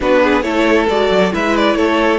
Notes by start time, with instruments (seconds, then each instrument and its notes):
0.00 cello B3, viola D4, violin F#4 B4
0.22 violin G#4
0.42 cello A3, viola E4, violin A4 C#5
0.88 cello G#3, viola F#4, violin D5
1.10 cello F#3
1.31 cello G#3, viola E4, violin B4 E5
1.56 violin D5
1.75 cello A3, violin A4 C#5